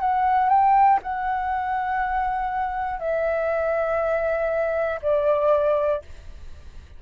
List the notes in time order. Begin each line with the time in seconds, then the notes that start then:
0.00 F#5
0.49 G5
1.02 F#5
3.00 E5
5.01 D5